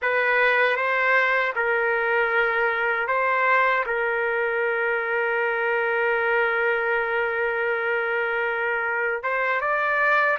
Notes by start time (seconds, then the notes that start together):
0.02 B4
0.76 C5
1.55 A#4
3.07 C5
3.85 A#4
9.23 C5
9.60 D5